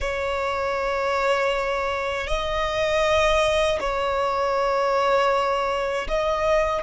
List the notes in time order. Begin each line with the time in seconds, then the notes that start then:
0.00 C#5
2.27 D#5
3.79 C#5
6.08 D#5